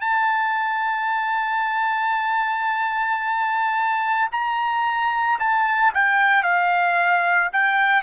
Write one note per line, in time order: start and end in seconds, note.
0.00 4.29 A5
4.31 5.39 A#5
5.39 5.93 A5
5.94 6.43 G5
6.43 7.50 F5
7.52 8.02 G5